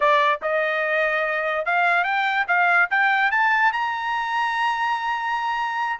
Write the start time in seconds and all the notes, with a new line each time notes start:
0.00 D5
0.42 D#5
1.65 F5
2.04 G5
2.47 F5
2.90 G5
3.31 A5
3.72 A#5